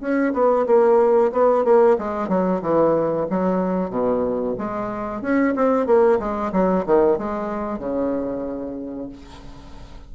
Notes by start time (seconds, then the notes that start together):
0.00 C#4
0.33 B3
0.66 A#3
1.32 B3
1.64 A#3
1.98 G#3
2.28 F#3
2.61 E3
3.30 F#3
3.90 B2
4.58 G#3
5.21 C#4
5.56 C4
5.86 A#3
6.19 G#3
6.52 F#3
6.86 D#3
7.17 G#3
7.78 C#3